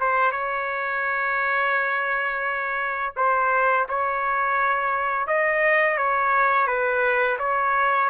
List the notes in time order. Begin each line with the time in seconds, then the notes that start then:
0.00 C5
0.31 C#5
3.16 C5
3.89 C#5
5.27 D#5
5.97 C#5
6.67 B4
7.39 C#5